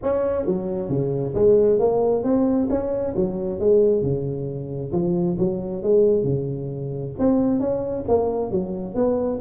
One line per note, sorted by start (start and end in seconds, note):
0.02 0.46 C#4
0.46 0.89 F#3
0.89 1.34 C#3
1.34 1.79 G#3
1.79 2.23 A#3
2.23 2.68 C4
2.69 3.14 C#4
3.15 3.59 F#3
3.59 4.02 G#3
4.02 4.91 C#3
4.92 5.37 F3
5.38 5.82 F#3
5.82 6.23 G#3
6.23 7.13 C#3
7.19 7.59 C4
7.59 8.04 C#4
8.08 8.51 A#3
8.51 8.95 F#3
8.95 9.39 B3